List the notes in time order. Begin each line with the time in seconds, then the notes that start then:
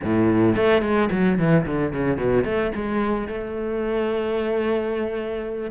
0.04 A2
0.56 A3
0.82 G#3
1.11 F#3
1.38 E3
1.66 D3
1.92 C#3
2.17 B2
2.44 A3
2.74 G#3
3.28 A3